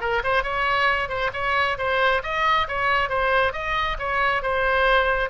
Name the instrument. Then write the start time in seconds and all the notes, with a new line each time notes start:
oboe
0.00 A#4
0.23 C5
0.43 C#5
1.08 C5
1.33 C#5
1.78 C5
2.23 D#5
2.68 C#5
3.09 C5
3.53 D#5
3.98 C#5
4.42 C5